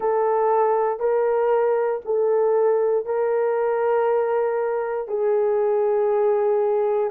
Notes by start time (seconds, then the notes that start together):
0.00 A4
0.99 A#4
2.05 A4
3.05 A#4
5.08 G#4